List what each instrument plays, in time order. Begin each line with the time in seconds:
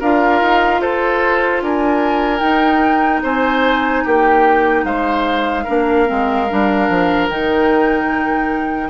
0.00 bassoon D4, clarinet F4, oboe A#4, flute F5
0.41 bassoon D#4
0.81 bassoon F4, oboe A4, flute C5
1.62 bassoon D4, oboe A#4, flute G#5
2.39 clarinet D#4, bassoon D#4, flute G5
3.23 bassoon C4, oboe C5, flute G#5
4.04 bassoon A#3, oboe G4, flute G5
4.84 bassoon G#3, oboe C5, flute F5
5.64 bassoon A#3, clarinet D4, oboe A#4
6.06 bassoon G#3, clarinet C4
6.50 bassoon G3, clarinet D4
6.89 bassoon F3
7.29 bassoon D#3, clarinet D#4, flute G5